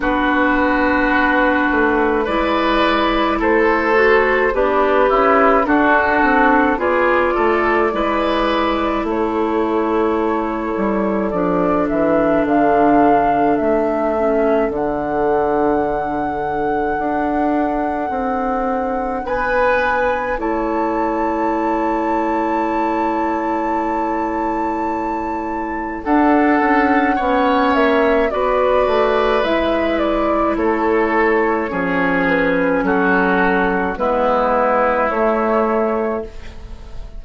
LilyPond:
<<
  \new Staff \with { instrumentName = "flute" } { \time 4/4 \tempo 4 = 53 b'2 d''4 c''4 | b'4 a'4 d''2 | cis''2 d''8 e''8 f''4 | e''4 fis''2.~ |
fis''4 gis''4 a''2~ | a''2. fis''4~ | fis''8 e''8 d''4 e''8 d''8 cis''4~ | cis''8 b'8 a'4 b'4 cis''4 | }
  \new Staff \with { instrumentName = "oboe" } { \time 4/4 fis'2 b'4 a'4 | d'8 e'8 fis'4 gis'8 a'8 b'4 | a'1~ | a'1~ |
a'4 b'4 cis''2~ | cis''2. a'4 | cis''4 b'2 a'4 | gis'4 fis'4 e'2 | }
  \new Staff \with { instrumentName = "clarinet" } { \time 4/4 d'2 e'4. fis'8 | g'4 d'4 f'4 e'4~ | e'2 d'2~ | d'8 cis'8 d'2.~ |
d'2 e'2~ | e'2. d'4 | cis'4 fis'4 e'2 | cis'2 b4 a4 | }
  \new Staff \with { instrumentName = "bassoon" } { \time 4/4 b4. a8 gis4 a4 | b8 cis'8 d'8 c'8 b8 a8 gis4 | a4. g8 f8 e8 d4 | a4 d2 d'4 |
c'4 b4 a2~ | a2. d'8 cis'8 | b8 ais8 b8 a8 gis4 a4 | f4 fis4 gis4 a4 | }
>>